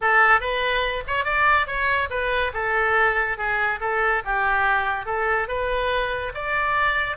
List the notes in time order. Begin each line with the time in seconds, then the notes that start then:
0.01 A4
0.40 B4
1.07 C#5
1.24 D5
1.66 C#5
2.09 B4
2.53 A4
3.37 G#4
3.80 A4
4.24 G4
5.05 A4
5.47 B4
6.34 D5